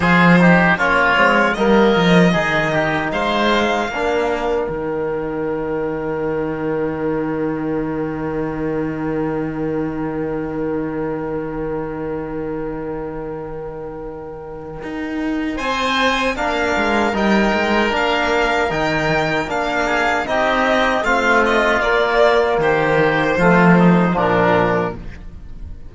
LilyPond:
<<
  \new Staff \with { instrumentName = "violin" } { \time 4/4 \tempo 4 = 77 c''4 cis''4 dis''2 | f''2 g''2~ | g''1~ | g''1~ |
g''1 | gis''4 f''4 g''4 f''4 | g''4 f''4 dis''4 f''8 dis''8 | d''4 c''2 ais'4 | }
  \new Staff \with { instrumentName = "oboe" } { \time 4/4 gis'8 g'8 f'4 ais'4 gis'8 g'8 | c''4 ais'2.~ | ais'1~ | ais'1~ |
ais'1 | c''4 ais'2.~ | ais'4. gis'8 g'4 f'4~ | f'4 g'4 f'8 dis'8 d'4 | }
  \new Staff \with { instrumentName = "trombone" } { \time 4/4 f'8 dis'8 cis'8 c'8 ais4 dis'4~ | dis'4 d'4 dis'2~ | dis'1~ | dis'1~ |
dis'1~ | dis'4 d'4 dis'4 d'4 | dis'4 d'4 dis'4 c'4 | ais2 a4 f4 | }
  \new Staff \with { instrumentName = "cello" } { \time 4/4 f4 ais8 gis8 g8 f8 dis4 | gis4 ais4 dis2~ | dis1~ | dis1~ |
dis2. dis'4 | c'4 ais8 gis8 g8 gis8 ais4 | dis4 ais4 c'4 a4 | ais4 dis4 f4 ais,4 | }
>>